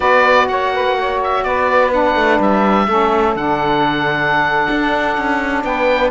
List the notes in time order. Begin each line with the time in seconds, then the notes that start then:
0.00 B3 F#4 B4 D5
0.47 A#3 C#5 F#5
0.73 B4
0.99 C#5
1.23 E5
1.43 B3 B4 D5
1.91 D4 F#5
2.15 A3
2.39 G3 E5
2.87 A3 C#4 A4
3.35 D3 D4 F#5
4.70 D4
5.17 C#4
5.63 B3 B4 G5